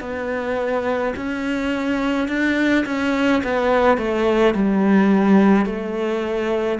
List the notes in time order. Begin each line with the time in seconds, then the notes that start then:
0.00 B3
1.16 C#4
2.28 D4
2.86 C#4
3.44 B3
3.97 A3
4.54 G3
5.65 A3